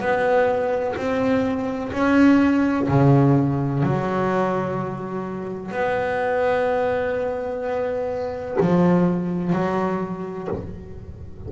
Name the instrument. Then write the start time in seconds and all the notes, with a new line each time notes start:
double bass
0.00 B3
0.96 C4
1.92 C#4
2.88 C#3
3.83 F#3
5.71 B3
8.61 F3
9.53 F#3